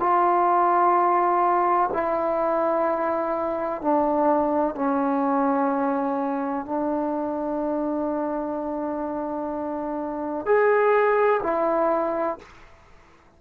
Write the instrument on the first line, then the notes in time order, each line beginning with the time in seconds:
trombone
0.00 F4
1.94 E4
3.82 D4
4.75 C#4
6.66 D4
10.46 G#4
11.43 E4